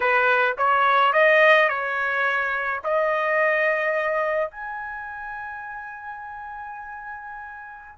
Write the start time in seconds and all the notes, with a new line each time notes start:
0.00 B4
0.57 C#5
1.12 D#5
1.68 C#5
2.84 D#5
4.50 G#5